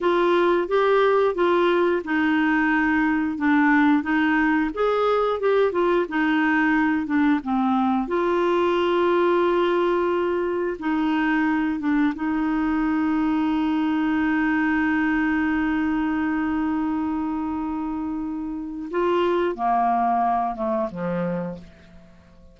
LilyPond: \new Staff \with { instrumentName = "clarinet" } { \time 4/4 \tempo 4 = 89 f'4 g'4 f'4 dis'4~ | dis'4 d'4 dis'4 gis'4 | g'8 f'8 dis'4. d'8 c'4 | f'1 |
dis'4. d'8 dis'2~ | dis'1~ | dis'1 | f'4 ais4. a8 f4 | }